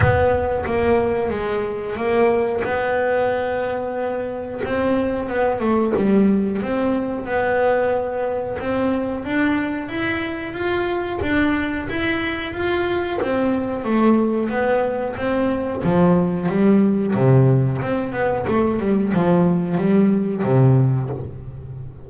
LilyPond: \new Staff \with { instrumentName = "double bass" } { \time 4/4 \tempo 4 = 91 b4 ais4 gis4 ais4 | b2. c'4 | b8 a8 g4 c'4 b4~ | b4 c'4 d'4 e'4 |
f'4 d'4 e'4 f'4 | c'4 a4 b4 c'4 | f4 g4 c4 c'8 b8 | a8 g8 f4 g4 c4 | }